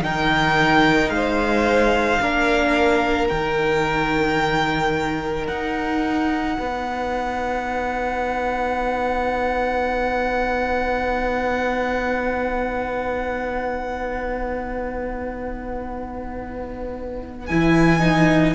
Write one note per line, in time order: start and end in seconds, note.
0.00 1.09 D#3
0.00 2.20 D#4
0.00 1.13 A#4
0.00 1.09 G5
1.09 2.18 G#3
1.09 2.21 C5
1.09 3.27 F5
2.20 3.30 A#3
2.20 3.29 D4
2.20 6.55 A#4
3.28 5.47 D#3
3.28 17.47 D#4
3.28 5.46 G5
5.46 6.57 D#4
5.46 17.46 F#5
6.55 17.50 B3
6.55 18.54 B4
17.46 18.54 E3
17.46 17.99 E4
17.46 18.54 G#5
17.99 18.53 D#4